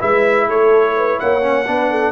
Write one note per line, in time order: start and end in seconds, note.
0.00 0.48 G#3
0.00 1.42 E4
0.00 0.48 B4
0.00 0.49 E5
0.48 1.19 A3
0.48 0.96 A4
0.48 1.20 C#5
0.97 1.21 B4
1.20 1.68 A#3
1.20 1.68 C#5
1.20 2.13 F#5
1.42 1.65 C#4
1.67 2.13 B3
1.67 2.13 D4
1.67 1.91 B4
1.91 2.13 A4